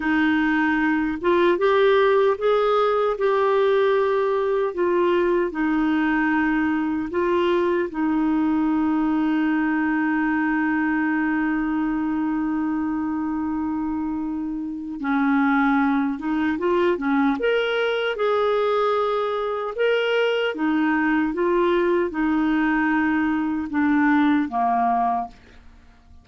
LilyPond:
\new Staff \with { instrumentName = "clarinet" } { \time 4/4 \tempo 4 = 76 dis'4. f'8 g'4 gis'4 | g'2 f'4 dis'4~ | dis'4 f'4 dis'2~ | dis'1~ |
dis'2. cis'4~ | cis'8 dis'8 f'8 cis'8 ais'4 gis'4~ | gis'4 ais'4 dis'4 f'4 | dis'2 d'4 ais4 | }